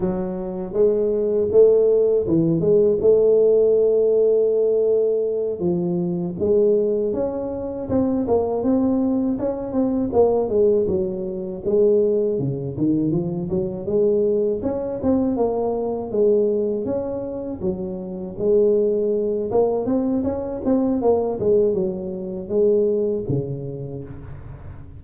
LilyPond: \new Staff \with { instrumentName = "tuba" } { \time 4/4 \tempo 4 = 80 fis4 gis4 a4 e8 gis8 | a2.~ a8 f8~ | f8 gis4 cis'4 c'8 ais8 c'8~ | c'8 cis'8 c'8 ais8 gis8 fis4 gis8~ |
gis8 cis8 dis8 f8 fis8 gis4 cis'8 | c'8 ais4 gis4 cis'4 fis8~ | fis8 gis4. ais8 c'8 cis'8 c'8 | ais8 gis8 fis4 gis4 cis4 | }